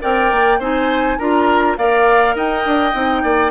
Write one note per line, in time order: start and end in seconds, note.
0.00 0.31 C4
0.00 0.58 A#4
0.00 0.59 D5
0.00 0.61 G5
0.31 0.59 A#3
0.59 1.18 C4
0.59 1.19 D#4
0.59 1.18 C5
0.59 1.18 G#5
1.18 1.77 D4
1.18 1.78 F4
1.18 1.77 A#4
1.18 1.76 A#5
1.77 2.35 A#3
1.77 2.92 A#4
1.77 2.35 D5
1.77 2.36 F5
2.35 2.64 D#4
2.35 3.22 D#5
2.35 3.50 G5
2.65 2.94 D4
2.92 3.23 C4
2.92 3.50 D#4
3.22 3.50 A#3
3.22 3.50 D5